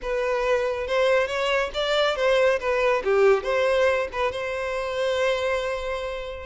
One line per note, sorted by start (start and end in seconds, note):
0.01 0.87 B4
0.87 1.27 C5
1.27 1.70 C#5
1.73 2.16 D5
2.16 2.59 C5
2.59 3.02 B4
3.03 3.43 G4
3.43 4.08 C5
4.12 4.31 B4
4.31 6.46 C5